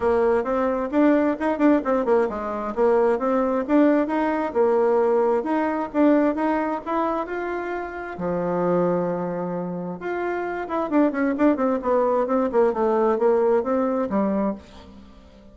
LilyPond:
\new Staff \with { instrumentName = "bassoon" } { \time 4/4 \tempo 4 = 132 ais4 c'4 d'4 dis'8 d'8 | c'8 ais8 gis4 ais4 c'4 | d'4 dis'4 ais2 | dis'4 d'4 dis'4 e'4 |
f'2 f2~ | f2 f'4. e'8 | d'8 cis'8 d'8 c'8 b4 c'8 ais8 | a4 ais4 c'4 g4 | }